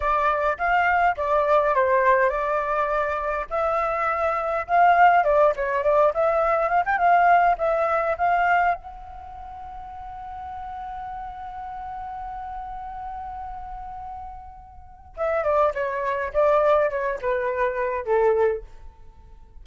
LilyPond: \new Staff \with { instrumentName = "flute" } { \time 4/4 \tempo 4 = 103 d''4 f''4 d''4 c''4 | d''2 e''2 | f''4 d''8 cis''8 d''8 e''4 f''16 g''16 | f''4 e''4 f''4 fis''4~ |
fis''1~ | fis''1~ | fis''2 e''8 d''8 cis''4 | d''4 cis''8 b'4. a'4 | }